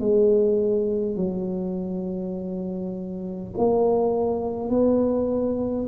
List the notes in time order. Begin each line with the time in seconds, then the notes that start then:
0.00 G#3
1.16 F#3
3.57 A#3
4.70 B3